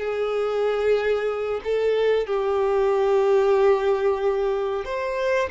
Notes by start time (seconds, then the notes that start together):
0.00 G#4
1.64 A4
2.27 G4
4.85 C5